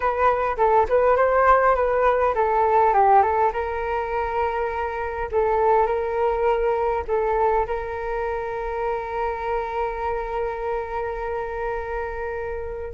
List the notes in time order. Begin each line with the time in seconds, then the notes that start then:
0.00 B4
0.57 A4
0.88 B4
1.16 C5
1.75 B4
2.34 A4
2.93 G4
3.22 A4
3.52 A#4
5.31 A4
5.86 A#4
7.07 A4
7.66 A#4